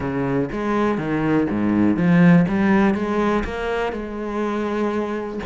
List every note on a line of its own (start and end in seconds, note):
0.00 0.49 C#3
0.52 0.97 G#3
0.97 1.47 D#3
1.50 1.96 G#2
1.96 2.45 F3
2.48 2.94 G3
2.94 3.43 G#3
3.44 3.92 A#3
3.92 5.39 G#3